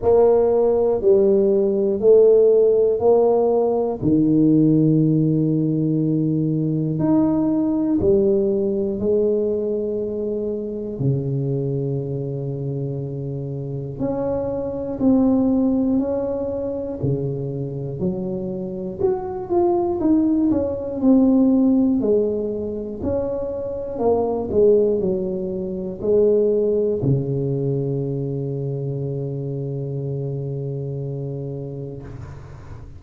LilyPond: \new Staff \with { instrumentName = "tuba" } { \time 4/4 \tempo 4 = 60 ais4 g4 a4 ais4 | dis2. dis'4 | g4 gis2 cis4~ | cis2 cis'4 c'4 |
cis'4 cis4 fis4 fis'8 f'8 | dis'8 cis'8 c'4 gis4 cis'4 | ais8 gis8 fis4 gis4 cis4~ | cis1 | }